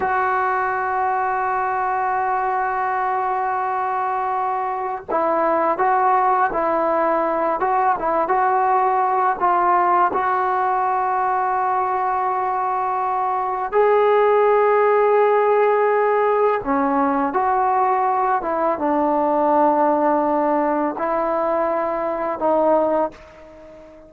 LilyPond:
\new Staff \with { instrumentName = "trombone" } { \time 4/4 \tempo 4 = 83 fis'1~ | fis'2. e'4 | fis'4 e'4. fis'8 e'8 fis'8~ | fis'4 f'4 fis'2~ |
fis'2. gis'4~ | gis'2. cis'4 | fis'4. e'8 d'2~ | d'4 e'2 dis'4 | }